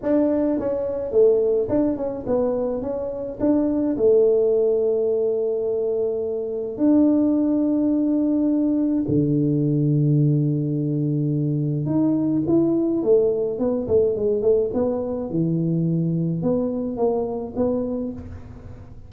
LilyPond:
\new Staff \with { instrumentName = "tuba" } { \time 4/4 \tempo 4 = 106 d'4 cis'4 a4 d'8 cis'8 | b4 cis'4 d'4 a4~ | a1 | d'1 |
d1~ | d4 dis'4 e'4 a4 | b8 a8 gis8 a8 b4 e4~ | e4 b4 ais4 b4 | }